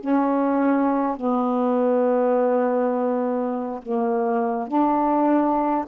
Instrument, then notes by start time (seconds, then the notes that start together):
saxophone
0.00 C#4
1.17 B3
3.82 A#3
4.68 D4